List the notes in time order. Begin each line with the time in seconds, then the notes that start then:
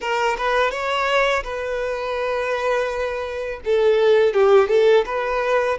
0.00 A#4
0.37 B4
0.70 C#5
1.43 B4
3.64 A4
4.33 G4
4.68 A4
5.05 B4